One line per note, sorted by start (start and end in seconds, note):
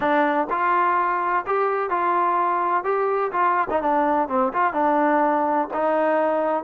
0.00 0.47 D4
0.49 1.45 F4
1.46 1.90 G4
1.90 2.83 F4
2.83 3.31 G4
3.32 3.68 F4
3.70 3.81 D#4
3.81 4.28 D4
4.28 4.52 C4
4.53 4.73 F4
4.73 5.68 D4
5.73 6.63 D#4